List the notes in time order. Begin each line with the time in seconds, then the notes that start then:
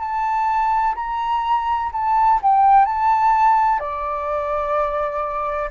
0.00 A5
0.96 A#5
1.93 A5
2.43 G5
2.86 A5
3.80 D5